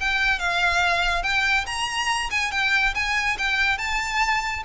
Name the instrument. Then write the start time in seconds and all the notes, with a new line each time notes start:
violin
0.00 G5
0.39 F5
1.23 G5
1.66 A#5
2.31 G#5
2.51 G5
2.95 G#5
3.38 G5
3.78 A5